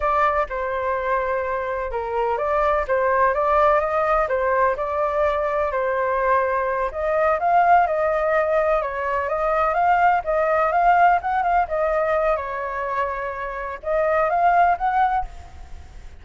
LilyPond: \new Staff \with { instrumentName = "flute" } { \time 4/4 \tempo 4 = 126 d''4 c''2. | ais'4 d''4 c''4 d''4 | dis''4 c''4 d''2 | c''2~ c''8 dis''4 f''8~ |
f''8 dis''2 cis''4 dis''8~ | dis''8 f''4 dis''4 f''4 fis''8 | f''8 dis''4. cis''2~ | cis''4 dis''4 f''4 fis''4 | }